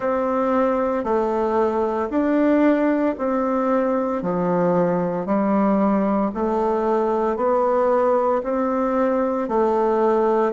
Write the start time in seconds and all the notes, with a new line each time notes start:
0.00 C4
1.04 A3
2.10 D4
3.18 C4
4.22 F3
5.25 G3
6.34 A3
7.36 B3
8.43 C4
9.48 A3